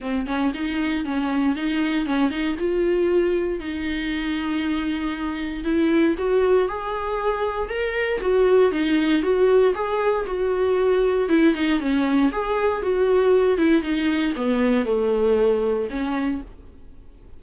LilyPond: \new Staff \with { instrumentName = "viola" } { \time 4/4 \tempo 4 = 117 c'8 cis'8 dis'4 cis'4 dis'4 | cis'8 dis'8 f'2 dis'4~ | dis'2. e'4 | fis'4 gis'2 ais'4 |
fis'4 dis'4 fis'4 gis'4 | fis'2 e'8 dis'8 cis'4 | gis'4 fis'4. e'8 dis'4 | b4 a2 cis'4 | }